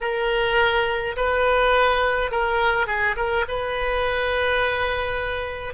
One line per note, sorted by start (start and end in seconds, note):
0.00 1.16 A#4
1.16 2.31 B4
2.31 2.86 A#4
2.86 3.15 G#4
3.16 3.45 A#4
3.48 5.74 B4